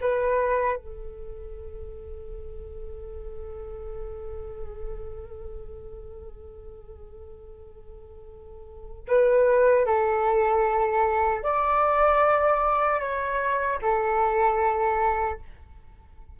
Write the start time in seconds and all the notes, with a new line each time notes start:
0.00 B4
0.76 A4
9.08 B4
9.85 A4
11.43 D5
13.00 C#5
13.82 A4